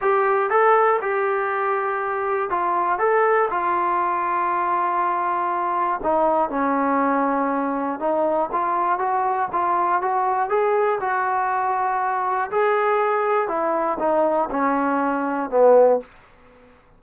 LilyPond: \new Staff \with { instrumentName = "trombone" } { \time 4/4 \tempo 4 = 120 g'4 a'4 g'2~ | g'4 f'4 a'4 f'4~ | f'1 | dis'4 cis'2. |
dis'4 f'4 fis'4 f'4 | fis'4 gis'4 fis'2~ | fis'4 gis'2 e'4 | dis'4 cis'2 b4 | }